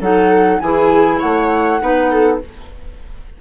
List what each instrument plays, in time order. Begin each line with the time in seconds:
0.00 bassoon F#3, clarinet D#4, viola A4, flute F#5
0.60 bassoon E3, clarinet E4, viola G#4, flute G#5
1.19 bassoon A3, viola C#5, flute F#5
1.80 bassoon B3, clarinet D#4, viola B4
2.11 viola A4